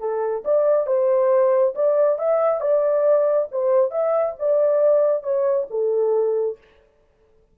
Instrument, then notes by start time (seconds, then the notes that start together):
horn
0.00 A4
0.45 D5
0.87 C5
1.75 D5
2.19 E5
2.61 D5
3.52 C5
3.91 E5
4.39 D5
5.23 C#5
5.70 A4